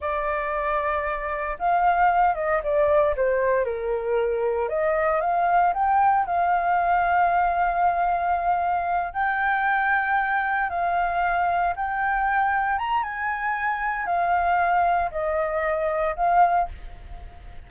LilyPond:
\new Staff \with { instrumentName = "flute" } { \time 4/4 \tempo 4 = 115 d''2. f''4~ | f''8 dis''8 d''4 c''4 ais'4~ | ais'4 dis''4 f''4 g''4 | f''1~ |
f''4. g''2~ g''8~ | g''8 f''2 g''4.~ | g''8 ais''8 gis''2 f''4~ | f''4 dis''2 f''4 | }